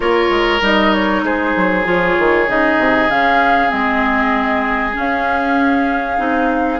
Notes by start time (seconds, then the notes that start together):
0.00 A#3 F4 A#4 C#5
0.29 G#3
0.61 G3 D#4 D#5
0.93 C#5
1.22 G#3 G#4 C5
1.56 F#3
1.85 F3 F4 C#5
2.18 D#3
2.48 C#3 D#4 D#5
2.78 C3
3.09 C#3 C#4 F5
3.69 G#3 C4 D#5
4.93 C#4 F5
6.17 C4 D#4